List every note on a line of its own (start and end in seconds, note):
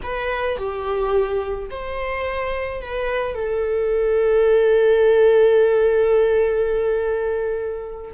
0.02 0.57 B4
0.57 1.69 G4
1.70 2.81 C5
2.81 3.34 B4
3.34 8.11 A4